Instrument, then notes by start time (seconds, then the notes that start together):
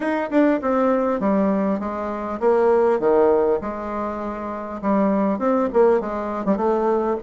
bassoon
0.00 D#4
0.30 D4
0.61 C4
1.20 G3
1.79 G#3
2.39 A#3
2.99 D#3
3.61 G#3
4.81 G3
5.38 C4
5.73 A#3
6.00 G#3
6.45 G3
6.56 A3